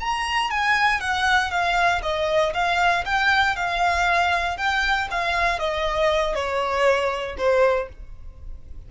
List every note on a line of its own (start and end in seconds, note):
0.00 0.50 A#5
0.50 1.01 G#5
1.01 1.51 F#5
1.51 2.02 F5
2.02 2.53 D#5
2.53 3.04 F5
3.05 3.56 G5
3.56 4.57 F5
4.57 5.08 G5
5.11 5.59 F5
5.59 6.35 D#5
6.35 7.37 C#5
7.37 7.88 C5